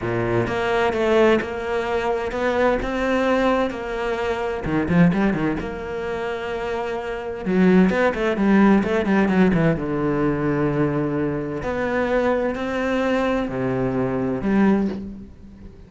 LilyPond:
\new Staff \with { instrumentName = "cello" } { \time 4/4 \tempo 4 = 129 ais,4 ais4 a4 ais4~ | ais4 b4 c'2 | ais2 dis8 f8 g8 dis8 | ais1 |
fis4 b8 a8 g4 a8 g8 | fis8 e8 d2.~ | d4 b2 c'4~ | c'4 c2 g4 | }